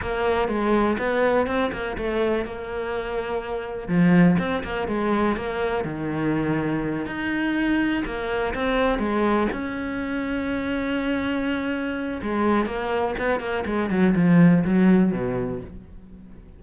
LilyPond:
\new Staff \with { instrumentName = "cello" } { \time 4/4 \tempo 4 = 123 ais4 gis4 b4 c'8 ais8 | a4 ais2. | f4 c'8 ais8 gis4 ais4 | dis2~ dis8 dis'4.~ |
dis'8 ais4 c'4 gis4 cis'8~ | cis'1~ | cis'4 gis4 ais4 b8 ais8 | gis8 fis8 f4 fis4 b,4 | }